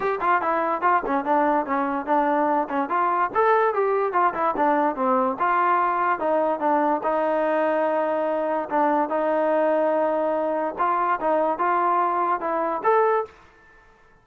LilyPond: \new Staff \with { instrumentName = "trombone" } { \time 4/4 \tempo 4 = 145 g'8 f'8 e'4 f'8 cis'8 d'4 | cis'4 d'4. cis'8 f'4 | a'4 g'4 f'8 e'8 d'4 | c'4 f'2 dis'4 |
d'4 dis'2.~ | dis'4 d'4 dis'2~ | dis'2 f'4 dis'4 | f'2 e'4 a'4 | }